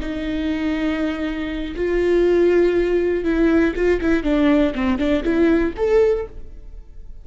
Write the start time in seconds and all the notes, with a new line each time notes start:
0.00 D#4
1.76 F4
3.24 E4
3.76 F4
4.01 E4
4.23 D4
4.75 C4
4.98 D4
5.24 E4
5.77 A4